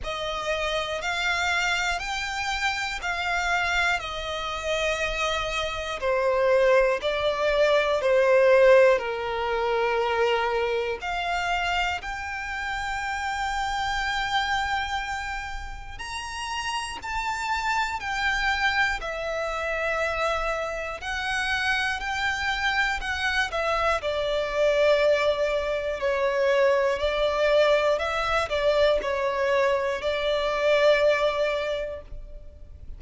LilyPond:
\new Staff \with { instrumentName = "violin" } { \time 4/4 \tempo 4 = 60 dis''4 f''4 g''4 f''4 | dis''2 c''4 d''4 | c''4 ais'2 f''4 | g''1 |
ais''4 a''4 g''4 e''4~ | e''4 fis''4 g''4 fis''8 e''8 | d''2 cis''4 d''4 | e''8 d''8 cis''4 d''2 | }